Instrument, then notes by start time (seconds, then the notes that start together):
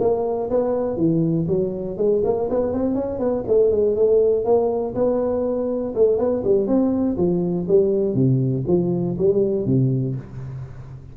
tuba
0.00 A#3
0.50 B3
0.97 E3
1.47 F#3
1.97 G#3
2.24 A#3
2.50 B3
2.73 C4
2.95 C#4
3.19 B3
3.48 A3
3.71 G#3
3.96 A3
4.45 A#3
4.95 B3
5.95 A3
6.18 B3
6.44 G3
6.67 C4
7.17 F3
7.68 G3
8.14 C3
8.67 F3
9.18 G3
9.66 C3